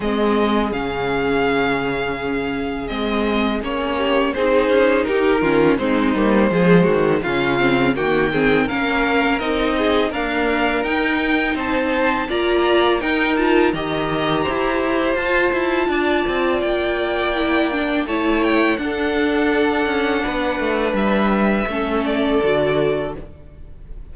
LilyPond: <<
  \new Staff \with { instrumentName = "violin" } { \time 4/4 \tempo 4 = 83 dis''4 f''2. | dis''4 cis''4 c''4 ais'4 | c''2 f''4 g''4 | f''4 dis''4 f''4 g''4 |
a''4 ais''4 g''8 a''8 ais''4~ | ais''4 a''2 g''4~ | g''4 a''8 g''8 fis''2~ | fis''4 e''4. d''4. | }
  \new Staff \with { instrumentName = "violin" } { \time 4/4 gis'1~ | gis'4. g'8 gis'4 g'8 f'8 | dis'4 gis'8 fis'8 f'4 fis'8 gis'8 | ais'4. gis'8 ais'2 |
c''4 d''4 ais'4 dis''4 | c''2 d''2~ | d''4 cis''4 a'2 | b'2 a'2 | }
  \new Staff \with { instrumentName = "viola" } { \time 4/4 c'4 cis'2. | c'4 cis'4 dis'4. cis'8 | c'8 ais8 gis4 cis'8 c'8 ais8 c'8 | cis'4 dis'4 ais4 dis'4~ |
dis'4 f'4 dis'8 f'8 g'4~ | g'4 f'2. | e'8 d'8 e'4 d'2~ | d'2 cis'4 fis'4 | }
  \new Staff \with { instrumentName = "cello" } { \time 4/4 gis4 cis2. | gis4 ais4 c'8 cis'8 dis'8 dis8 | gis8 g8 f8 dis8 cis4 dis4 | ais4 c'4 d'4 dis'4 |
c'4 ais4 dis'4 dis4 | e'4 f'8 e'8 d'8 c'8 ais4~ | ais4 a4 d'4. cis'8 | b8 a8 g4 a4 d4 | }
>>